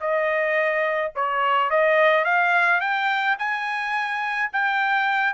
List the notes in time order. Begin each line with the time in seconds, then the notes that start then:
0.00 D#5
1.15 C#5
1.70 D#5
2.25 F5
2.81 G5
3.38 G#5
4.52 G5